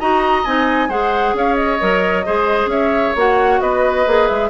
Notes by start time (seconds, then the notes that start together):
0.00 D#4 F#4 D#5 A#5
0.45 C4 D#4 G#5
0.89 G#3 G#4 C5 F#5
1.34 C#4 C#5 F5
1.55 D#5
1.81 F#3 A#4
2.26 G#3 G#4 C5
2.66 C#4 C#5 E5
3.16 A#3 F#4 F#5
3.61 B3 B4 D#5
4.07 A#3 G#4
4.29 G#3 E5